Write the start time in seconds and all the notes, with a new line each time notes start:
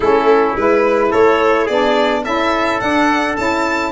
0.00 A3 C#4 E4 A4
0.56 G#3 E4 B4
1.10 A3 A4 C#5
1.65 B3 D4 G#4 D5
2.24 C#4 E4 A4 E5
2.79 D4 F#5
3.36 C#4 E4 A5